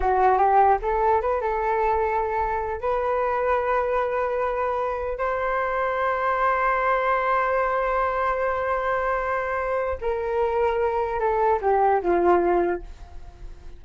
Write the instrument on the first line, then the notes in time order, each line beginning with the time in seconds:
flute
0.00 F#4
0.38 G4
0.81 A4
1.21 B4
1.41 A4
2.81 B4
5.18 C5
10.01 A#4
11.19 A4
11.61 G4
12.01 F4